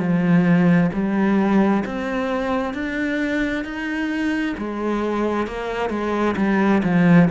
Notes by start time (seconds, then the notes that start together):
0.00 F3
0.93 G3
1.86 C4
2.74 D4
3.65 D#4
4.58 G#3
5.48 A#3
5.90 G#3
6.37 G3
6.84 F3